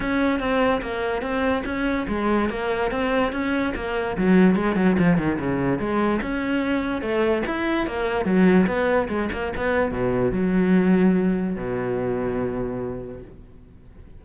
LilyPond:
\new Staff \with { instrumentName = "cello" } { \time 4/4 \tempo 4 = 145 cis'4 c'4 ais4 c'4 | cis'4 gis4 ais4 c'4 | cis'4 ais4 fis4 gis8 fis8 | f8 dis8 cis4 gis4 cis'4~ |
cis'4 a4 e'4 ais4 | fis4 b4 gis8 ais8 b4 | b,4 fis2. | b,1 | }